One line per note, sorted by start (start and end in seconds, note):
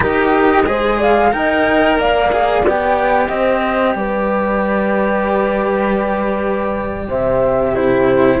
0.00 0.68 D#4
0.00 0.63 G4
0.00 0.65 A#4
0.00 1.00 D#5
0.66 1.33 G#3
0.66 1.31 G#4
0.66 0.97 C5
0.97 1.30 D5
0.97 1.32 F5
1.31 1.99 D#4
1.31 2.30 A#4
1.31 1.99 D#5
1.31 1.98 G5
1.99 2.62 A#3
1.99 3.31 D5
1.99 2.66 F5
2.32 2.65 G#4
2.62 3.28 B3
2.62 7.75 G4
2.69 3.28 G5
3.28 3.94 C4
3.28 3.97 C5
3.28 3.94 D#5
3.94 7.08 G3
3.94 7.08 B4
3.94 7.08 D5
7.08 8.40 C3
7.08 7.72 C5
7.08 7.75 E5
7.72 8.40 E4
7.72 8.38 G4
7.72 8.40 C5